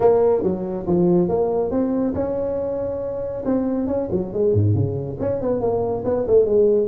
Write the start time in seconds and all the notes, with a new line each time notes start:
0.00 A#3
0.42 F#3
0.87 F3
1.28 A#3
1.71 C4
2.14 C#4
3.45 C4
3.87 C#4
4.11 F#3
4.33 G#3
4.53 G#2
4.74 C#3
5.19 C#4
5.41 B3
5.60 A#3
6.05 B3
6.27 A3
6.45 G#3